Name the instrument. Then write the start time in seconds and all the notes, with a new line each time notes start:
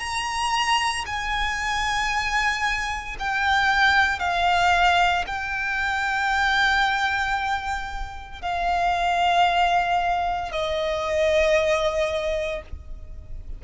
violin
0.00 A#5
1.06 G#5
3.20 G5
4.20 F5
5.27 G5
8.42 F5
10.52 D#5